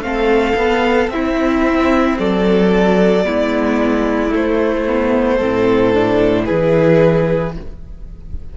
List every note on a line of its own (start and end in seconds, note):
0.00 0.54 A3
0.00 0.57 C4
0.00 1.10 F5
0.07 1.14 A4
0.56 1.09 B3
0.56 1.11 B3
1.09 2.16 C4
1.09 3.24 C4
1.09 2.19 E4
1.09 2.18 E5
2.19 3.26 F#3
2.19 3.26 A4
2.19 4.34 D5
3.24 4.33 G#3
3.24 4.30 B3
3.24 5.36 E4
4.30 4.84 A3
4.30 5.42 A3
4.30 6.46 C5
4.87 5.41 B3
5.36 5.94 C4
5.36 6.44 A4
5.42 6.50 A2
5.94 6.47 D4
6.46 7.58 E3
6.46 7.54 E4
6.46 7.53 G#4
6.46 7.54 B4